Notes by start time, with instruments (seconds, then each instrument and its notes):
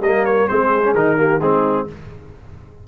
0.00 tuba G3, trombone A#3, horn A#4, trumpet D#5
0.25 trumpet C#5
0.48 tuba G#3, trombone C4, horn G#4, trumpet C5
0.84 trombone C#4
0.95 tuba D#3, trombone D#4, trumpet A#4
1.17 trombone A#3, horn G4
1.40 tuba G#3, trombone C4, horn D#4, trumpet G#4